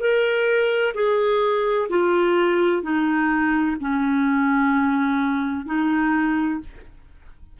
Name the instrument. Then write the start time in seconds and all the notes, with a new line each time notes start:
clarinet
0.00 A#4
0.95 G#4
1.90 F4
2.83 D#4
3.80 C#4
5.66 D#4